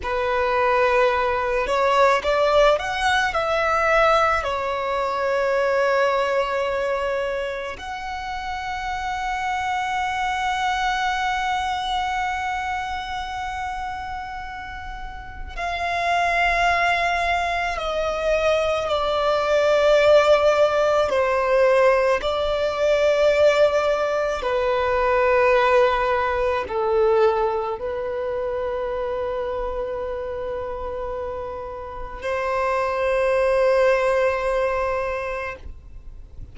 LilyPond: \new Staff \with { instrumentName = "violin" } { \time 4/4 \tempo 4 = 54 b'4. cis''8 d''8 fis''8 e''4 | cis''2. fis''4~ | fis''1~ | fis''2 f''2 |
dis''4 d''2 c''4 | d''2 b'2 | a'4 b'2.~ | b'4 c''2. | }